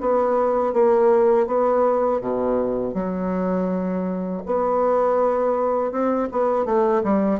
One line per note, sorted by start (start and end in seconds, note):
0.00 0.73 B3
0.73 1.47 A#3
1.47 2.21 B3
2.21 2.94 B2
2.94 4.42 F#3
4.45 5.91 B3
5.91 6.28 C4
6.31 6.65 B3
6.65 7.02 A3
7.03 7.39 G3